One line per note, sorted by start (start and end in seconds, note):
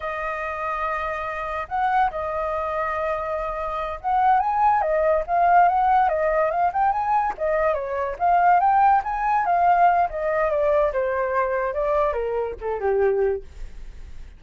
0.00 1.67 D#5
1.68 2.10 F#5
2.11 3.99 D#5
4.00 4.39 F#5
4.39 4.81 G#5
4.81 5.23 D#5
5.26 5.68 F5
5.68 6.08 F#5
6.08 6.50 D#5
6.50 6.71 F5
6.72 6.91 G5
6.91 7.33 G#5
7.37 7.74 D#5
7.74 8.16 C#5
8.19 8.60 F5
8.60 9.02 G5
9.04 9.45 G#5
9.45 10.08 F5
10.09 10.50 D#5
10.50 10.92 D5
10.92 11.73 C5
11.73 12.13 D5
12.13 12.55 A#4
12.61 12.80 A4
12.80 13.42 G4